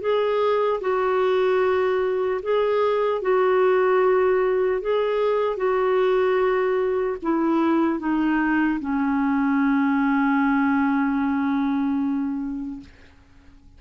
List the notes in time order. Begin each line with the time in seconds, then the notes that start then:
0.00 G#4
0.80 F#4
2.42 G#4
3.21 F#4
4.81 G#4
5.56 F#4
7.22 E4
7.99 D#4
8.80 C#4